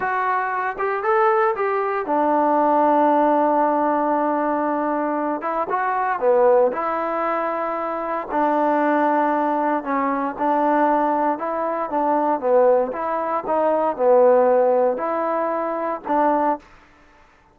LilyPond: \new Staff \with { instrumentName = "trombone" } { \time 4/4 \tempo 4 = 116 fis'4. g'8 a'4 g'4 | d'1~ | d'2~ d'8 e'8 fis'4 | b4 e'2. |
d'2. cis'4 | d'2 e'4 d'4 | b4 e'4 dis'4 b4~ | b4 e'2 d'4 | }